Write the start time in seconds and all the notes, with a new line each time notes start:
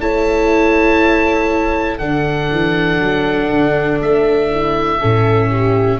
0.00 A3 E4 C#5 A5
1.99 D3 D4 A4 F#5
2.51 E3
3.00 F#3
3.50 D3
4.01 A3 E5
4.51 E4
5.00 A2 C#4 A4
5.50 G4